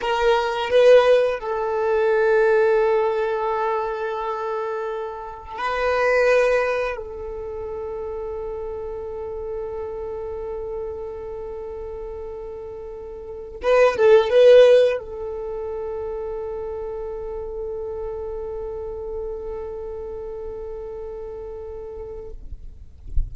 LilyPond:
\new Staff \with { instrumentName = "violin" } { \time 4/4 \tempo 4 = 86 ais'4 b'4 a'2~ | a'1 | b'2 a'2~ | a'1~ |
a'2.~ a'8 b'8 | a'8 b'4 a'2~ a'8~ | a'1~ | a'1 | }